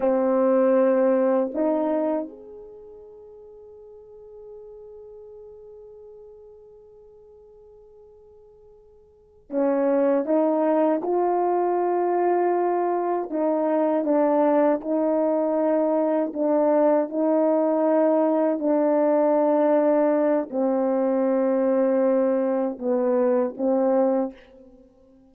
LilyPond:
\new Staff \with { instrumentName = "horn" } { \time 4/4 \tempo 4 = 79 c'2 dis'4 gis'4~ | gis'1~ | gis'1~ | gis'8 cis'4 dis'4 f'4.~ |
f'4. dis'4 d'4 dis'8~ | dis'4. d'4 dis'4.~ | dis'8 d'2~ d'8 c'4~ | c'2 b4 c'4 | }